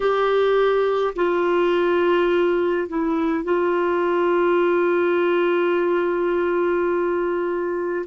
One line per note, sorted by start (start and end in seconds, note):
0.00 1.13 G4
1.15 2.88 F4
2.88 3.44 E4
3.44 8.05 F4